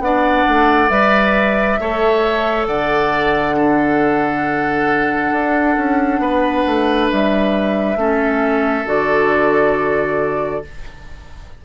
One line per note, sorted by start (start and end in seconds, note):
0.00 0.44 B3
0.00 0.89 D4
0.00 1.81 D5
0.00 0.89 F#5
0.48 0.90 A3
0.89 1.78 G3
0.89 1.78 B4
0.89 2.66 E5
1.80 2.67 A3
1.80 3.55 A4
1.80 2.68 C#5
2.67 5.32 D3
2.67 3.56 D5
2.67 7.08 F#5
3.55 7.96 D4
3.55 6.21 A4
5.32 5.76 D4
5.77 6.19 C#4
6.19 6.63 B3
6.19 7.98 B4
6.67 7.11 A3
7.12 7.96 G3
7.12 8.88 E5
7.96 8.85 A3
7.96 8.85 C#4
7.96 10.65 A4
8.86 10.62 D3
8.86 10.62 F#4
8.86 10.64 D5